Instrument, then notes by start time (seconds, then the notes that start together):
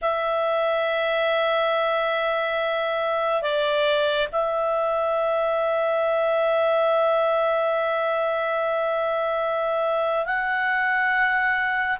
clarinet
0.01 E5
3.41 D5
4.31 E5
10.25 F#5